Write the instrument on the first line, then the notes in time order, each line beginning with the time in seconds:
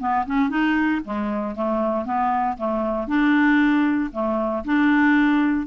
clarinet
0.00 B3
0.27 C#4
0.50 D#4
1.05 G#3
1.56 A3
2.05 B3
2.58 A3
3.08 D4
4.13 A3
4.65 D4